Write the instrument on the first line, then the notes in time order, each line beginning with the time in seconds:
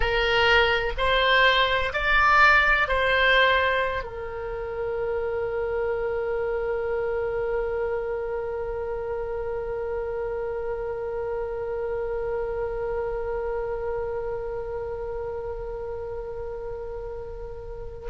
oboe
0.00 A#4
0.97 C5
1.93 D5
2.87 C5
4.03 A#4